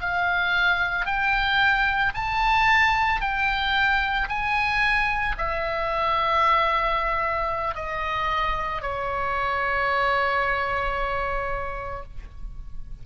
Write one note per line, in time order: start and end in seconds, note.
0.00 1.06 F5
1.06 2.13 G5
2.14 3.21 A5
3.21 4.28 G5
4.29 5.36 G#5
5.38 7.75 E5
7.75 8.82 D#5
8.82 12.03 C#5